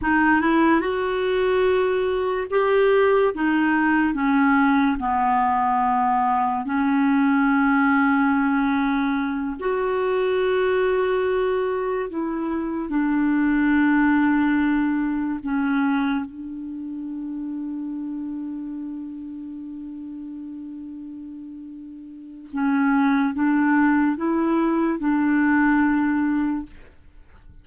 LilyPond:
\new Staff \with { instrumentName = "clarinet" } { \time 4/4 \tempo 4 = 72 dis'8 e'8 fis'2 g'4 | dis'4 cis'4 b2 | cis'2.~ cis'8 fis'8~ | fis'2~ fis'8 e'4 d'8~ |
d'2~ d'8 cis'4 d'8~ | d'1~ | d'2. cis'4 | d'4 e'4 d'2 | }